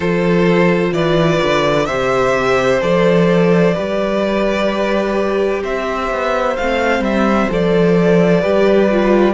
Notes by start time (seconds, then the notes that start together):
0.00 F3 F4 A4 C5
0.92 E3 B4 D5
1.42 D3
1.85 C3 G4 C5 E5
2.81 F3 A4 D5
3.74 G3 G4 B4
5.63 C4 C5 E5
6.10 B3
6.56 A3 C4 F5
6.99 G3 E5
7.49 F3 A4 D5
8.40 G3 G4 B4
8.90 F4